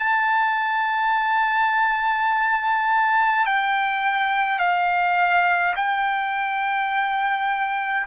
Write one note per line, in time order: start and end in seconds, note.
0.00 3.46 A5
3.46 4.59 G5
4.59 5.75 F5
5.76 8.07 G5